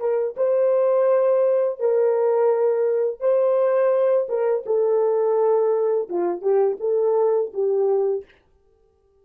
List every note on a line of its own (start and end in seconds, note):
0.00 0.36 A#4
0.37 1.80 C5
1.80 3.20 A#4
3.20 4.28 C5
4.29 4.65 A#4
4.66 6.09 A4
6.10 6.42 F4
6.42 6.78 G4
6.81 7.52 A4
7.54 8.25 G4